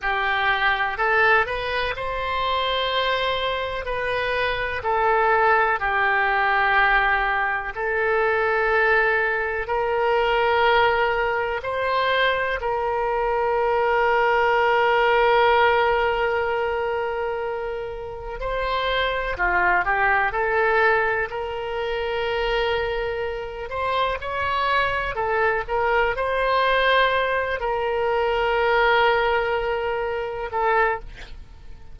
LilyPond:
\new Staff \with { instrumentName = "oboe" } { \time 4/4 \tempo 4 = 62 g'4 a'8 b'8 c''2 | b'4 a'4 g'2 | a'2 ais'2 | c''4 ais'2.~ |
ais'2. c''4 | f'8 g'8 a'4 ais'2~ | ais'8 c''8 cis''4 a'8 ais'8 c''4~ | c''8 ais'2. a'8 | }